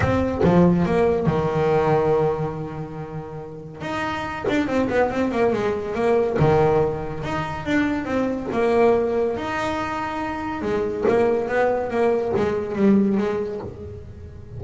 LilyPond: \new Staff \with { instrumentName = "double bass" } { \time 4/4 \tempo 4 = 141 c'4 f4 ais4 dis4~ | dis1~ | dis4 dis'4. d'8 c'8 b8 | c'8 ais8 gis4 ais4 dis4~ |
dis4 dis'4 d'4 c'4 | ais2 dis'2~ | dis'4 gis4 ais4 b4 | ais4 gis4 g4 gis4 | }